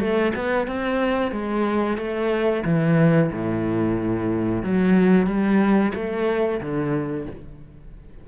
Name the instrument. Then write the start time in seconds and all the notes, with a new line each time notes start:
cello
0.00 A3
0.35 B3
0.67 C4
1.32 G#3
1.98 A3
2.65 E3
3.32 A2
4.63 F#3
5.27 G3
5.95 A3
6.61 D3